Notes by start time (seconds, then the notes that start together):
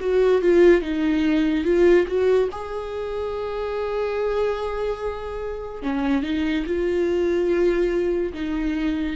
0.00 F#4
0.42 F4
0.82 D#4
1.65 F4
2.07 F#4
2.52 G#4
5.83 C#4
6.23 D#4
6.66 F4
8.33 D#4